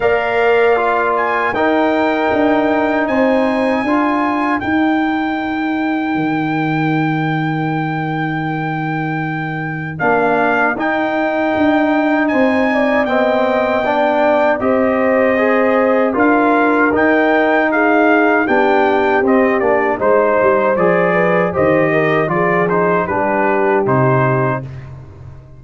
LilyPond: <<
  \new Staff \with { instrumentName = "trumpet" } { \time 4/4 \tempo 4 = 78 f''4. gis''8 g''2 | gis''2 g''2~ | g''1~ | g''4 f''4 g''2 |
gis''4 g''2 dis''4~ | dis''4 f''4 g''4 f''4 | g''4 dis''8 d''8 c''4 d''4 | dis''4 d''8 c''8 b'4 c''4 | }
  \new Staff \with { instrumentName = "horn" } { \time 4/4 d''2 ais'2 | c''4 ais'2.~ | ais'1~ | ais'1 |
c''8 d''8 dis''4 d''4 c''4~ | c''4 ais'2 gis'4 | g'2 c''4. b'8 | c''8 ais'8 gis'4 g'2 | }
  \new Staff \with { instrumentName = "trombone" } { \time 4/4 ais'4 f'4 dis'2~ | dis'4 f'4 dis'2~ | dis'1~ | dis'4 d'4 dis'2~ |
dis'4 c'4 d'4 g'4 | gis'4 f'4 dis'2 | d'4 c'8 d'8 dis'4 gis'4 | g'4 f'8 dis'8 d'4 dis'4 | }
  \new Staff \with { instrumentName = "tuba" } { \time 4/4 ais2 dis'4 d'4 | c'4 d'4 dis'2 | dis1~ | dis4 ais4 dis'4 d'4 |
c'4 b2 c'4~ | c'4 d'4 dis'2 | b4 c'8 ais8 gis8 g8 f4 | dis4 f4 g4 c4 | }
>>